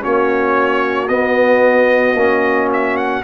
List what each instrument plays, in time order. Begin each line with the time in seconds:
0.00 tuba A#3, trombone C#4, horn F#4, trumpet C#5
1.08 tuba B3, trombone B3, trumpet D#5
2.13 tuba A#3, trombone C#4
2.73 trumpet E5
2.96 trumpet F#5